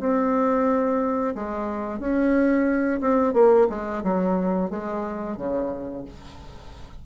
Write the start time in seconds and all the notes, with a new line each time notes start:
0.00 C4
1.35 G#3
1.99 C#4
3.01 C4
3.34 A#3
3.70 G#3
4.04 F#3
4.70 G#3
5.37 C#3